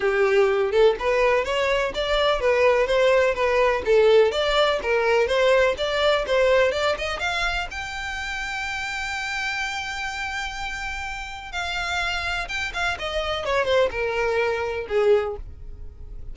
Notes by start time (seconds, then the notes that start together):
0.00 G4
0.71 A4
0.99 B4
1.44 C#5
1.94 D5
2.40 B4
2.87 C5
3.34 B4
3.85 A4
4.31 D5
4.82 A#4
5.27 C5
5.77 D5
6.27 C5
6.71 D5
6.97 D#5
7.19 F5
7.70 G5
11.52 F5
12.48 G5
12.73 F5
12.98 D#5
13.45 C#5
13.65 C5
13.90 A#4
14.88 G#4